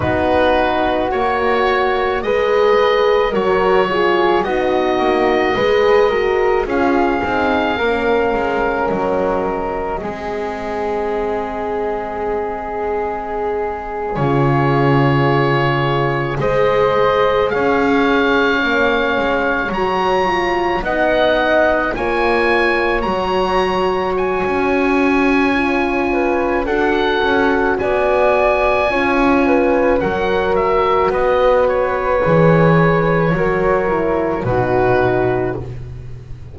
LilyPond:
<<
  \new Staff \with { instrumentName = "oboe" } { \time 4/4 \tempo 4 = 54 b'4 cis''4 dis''4 cis''4 | dis''2 f''2 | dis''1~ | dis''8. cis''2 dis''4 f''16~ |
f''4.~ f''16 ais''4 fis''4 gis''16~ | gis''8. ais''4 gis''2~ gis''16 | fis''4 gis''2 fis''8 e''8 | dis''8 cis''2~ cis''8 b'4 | }
  \new Staff \with { instrumentName = "flute" } { \time 4/4 fis'2 b'4 ais'8 gis'8 | fis'4 b'8 ais'8 gis'4 ais'4~ | ais'4 gis'2.~ | gis'2~ gis'8. c''4 cis''16~ |
cis''2~ cis''8. dis''4 cis''16~ | cis''2.~ cis''8 b'8 | a'4 d''4 cis''8 b'8 ais'4 | b'2 ais'4 fis'4 | }
  \new Staff \with { instrumentName = "horn" } { \time 4/4 dis'4 fis'4 gis'4 fis'8 f'8 | dis'4 gis'8 fis'8 f'8 dis'8 cis'4~ | cis'4 c'2.~ | c'8. f'2 gis'4~ gis'16~ |
gis'8. cis'4 fis'8 f'8 dis'4 f'16~ | f'8. fis'2~ fis'16 f'4 | fis'2 f'4 fis'4~ | fis'4 gis'4 fis'8 e'8 dis'4 | }
  \new Staff \with { instrumentName = "double bass" } { \time 4/4 b4 ais4 gis4 fis4 | b8 ais8 gis4 cis'8 c'8 ais8 gis8 | fis4 gis2.~ | gis8. cis2 gis4 cis'16~ |
cis'8. ais8 gis8 fis4 b4 ais16~ | ais8. fis4~ fis16 cis'2 | d'8 cis'8 b4 cis'4 fis4 | b4 e4 fis4 b,4 | }
>>